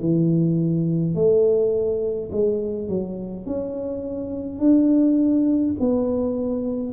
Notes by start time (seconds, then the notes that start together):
0.00 E3
1.15 A3
2.32 G#3
2.88 F#3
3.46 C#4
4.59 D4
5.80 B3